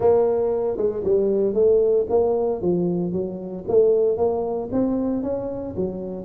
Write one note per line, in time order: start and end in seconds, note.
0.00 0.77 A#3
0.77 1.03 G#3
1.03 1.54 G3
1.54 2.06 A3
2.09 2.61 A#3
2.61 3.12 F3
3.12 3.64 F#3
3.68 4.17 A3
4.17 4.69 A#3
4.71 5.22 C4
5.22 5.75 C#4
5.76 6.24 F#3